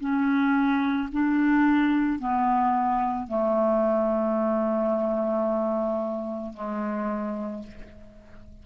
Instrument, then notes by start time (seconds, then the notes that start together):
clarinet
0.00 C#4
1.13 D4
2.20 B3
3.28 A3
6.54 G#3